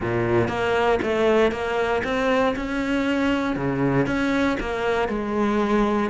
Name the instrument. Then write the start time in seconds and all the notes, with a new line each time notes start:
cello
0.00 A#2
0.48 A#3
1.02 A3
1.51 A#3
2.04 C4
2.55 C#4
3.55 C#3
4.06 C#4
4.59 A#3
5.08 G#3